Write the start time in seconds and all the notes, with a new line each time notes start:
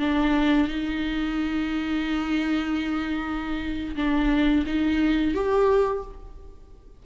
0.00 D4
0.68 D#4
3.96 D4
4.67 D#4
5.35 G4